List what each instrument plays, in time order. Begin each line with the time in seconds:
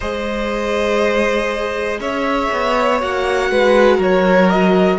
0.00 cello G#3, viola G#4, violin C5 D#5
2.00 cello C#4, violin C#5 E5
2.52 cello B3
2.99 cello A#3, viola F#4, violin F#5
3.50 cello G#3, violin B4
3.97 cello F#3, violin A#4 C#5
4.50 violin D#5